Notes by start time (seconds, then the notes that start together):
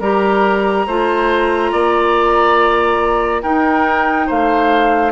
0.00 G3 G4 A#4 A#5
0.87 A3 F4 C5
1.72 A#3 D5
3.42 D#4 A#4 G5
4.27 A3 C5 F5